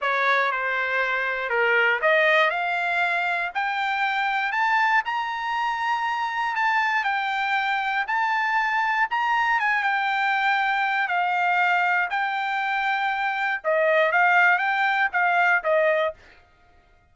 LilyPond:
\new Staff \with { instrumentName = "trumpet" } { \time 4/4 \tempo 4 = 119 cis''4 c''2 ais'4 | dis''4 f''2 g''4~ | g''4 a''4 ais''2~ | ais''4 a''4 g''2 |
a''2 ais''4 gis''8 g''8~ | g''2 f''2 | g''2. dis''4 | f''4 g''4 f''4 dis''4 | }